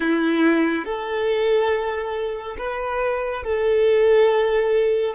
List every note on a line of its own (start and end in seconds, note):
0.00 0.85 E4
0.85 2.56 A4
2.58 3.43 B4
3.43 5.14 A4